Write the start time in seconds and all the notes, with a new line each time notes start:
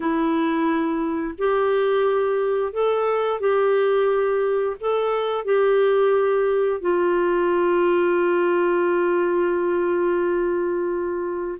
0.00 E4
1.38 G4
2.73 A4
3.40 G4
4.80 A4
5.45 G4
6.81 F4